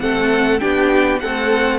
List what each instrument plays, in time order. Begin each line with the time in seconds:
0.00 cello A3, viola C4, violin A4 F#5
0.59 cello B3, viola D4, violin G4 G5
1.20 viola A3, cello C4, violin A4 F#5